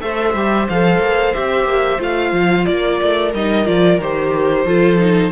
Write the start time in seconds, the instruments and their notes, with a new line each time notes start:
0.00 cello A3, viola A4, violin C5 E5
0.34 cello G3, viola G4
0.69 cello F3, viola A4, violin F5
0.99 cello A#3
1.34 cello C4, viola G4, violin E5
1.64 cello A#3
1.98 cello A3, viola F4, violin F5
2.32 cello F3
2.65 cello A#3, violin A#4 D5
3.02 cello A3
3.33 cello G3, viola D#4, violin D#5
3.65 cello F3, viola F4, violin D5
3.98 cello D#3, viola G4, violin C5
4.65 cello F3, viola F4, violin A4
4.98 viola D#4